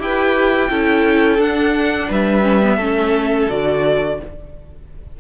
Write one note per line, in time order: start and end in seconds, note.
0.00 0.70 E4
0.00 0.70 G4
0.00 0.70 B4
0.00 1.41 G5
0.70 1.39 C#4
0.70 1.39 E4
0.70 2.09 A4
1.39 2.43 D4
1.39 2.09 D4
1.39 2.11 F#5
2.09 2.77 G3
2.09 2.77 B4
2.09 3.51 E5
2.43 2.61 C#4
2.64 2.80 B3
2.77 3.47 A3
2.77 3.50 C#4
2.77 4.16 A4
3.50 4.21 D3
3.50 4.20 F#4
3.50 4.20 D5